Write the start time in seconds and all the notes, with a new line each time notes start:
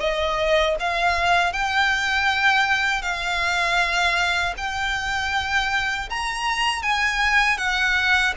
0.00 D#5
0.80 F5
1.53 G5
3.02 F5
4.57 G5
6.10 A#5
6.83 G#5
7.57 F#5